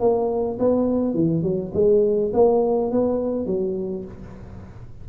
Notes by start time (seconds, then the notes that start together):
0.00 A#3
0.59 B3
1.14 E3
1.43 F#3
1.74 G#3
2.34 A#3
2.92 B3
3.47 F#3